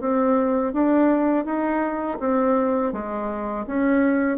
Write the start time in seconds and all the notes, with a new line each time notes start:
0.00 C4
0.73 D4
1.45 D#4
2.20 C4
2.92 G#3
3.66 C#4